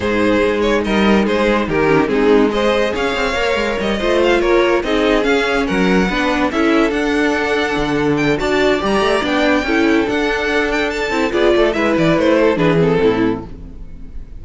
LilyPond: <<
  \new Staff \with { instrumentName = "violin" } { \time 4/4 \tempo 4 = 143 c''4. cis''8 dis''4 c''4 | ais'4 gis'4 dis''4 f''4~ | f''4 dis''4 f''8 cis''4 dis''8~ | dis''8 f''4 fis''2 e''8~ |
e''8 fis''2. g''8 | a''4 ais''4 g''2 | fis''4. g''8 a''4 d''4 | e''8 d''8 c''4 b'8 a'4. | }
  \new Staff \with { instrumentName = "violin" } { \time 4/4 gis'2 ais'4 gis'4 | g'4 dis'4 c''4 cis''4~ | cis''4. c''4 ais'4 gis'8~ | gis'4. ais'4 b'4 a'8~ |
a'1 | d''2. a'4~ | a'2. gis'8 a'8 | b'4. a'8 gis'4 e'4 | }
  \new Staff \with { instrumentName = "viola" } { \time 4/4 dis'1~ | dis'8 cis'8 c'4 gis'2 | ais'4. f'2 dis'8~ | dis'8 cis'2 d'4 e'8~ |
e'8 d'2.~ d'8 | fis'4 g'4 d'4 e'4 | d'2~ d'8 e'8 f'4 | e'2 d'8 c'4. | }
  \new Staff \with { instrumentName = "cello" } { \time 4/4 gis,4 gis4 g4 gis4 | dis4 gis2 cis'8 c'8 | ais8 gis8 g8 a4 ais4 c'8~ | c'8 cis'4 fis4 b4 cis'8~ |
cis'8 d'2 d4. | d'4 g8 a8 b4 cis'4 | d'2~ d'8 c'8 b8 a8 | gis8 e8 a4 e4 a,4 | }
>>